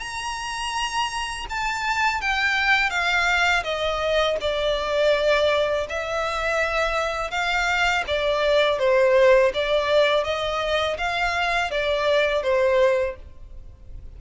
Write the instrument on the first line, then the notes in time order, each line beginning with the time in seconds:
violin
0.00 A#5
1.50 A5
2.21 G5
2.90 F5
3.64 D#5
4.41 D5
5.89 E5
7.31 F5
8.08 D5
8.79 C5
9.54 D5
10.24 D#5
10.98 F5
11.71 D5
12.43 C5